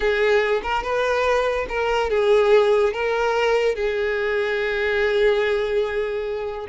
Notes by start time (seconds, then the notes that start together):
0.00 G#4
0.62 A#4
0.83 B4
1.68 A#4
2.09 G#4
2.93 A#4
3.75 G#4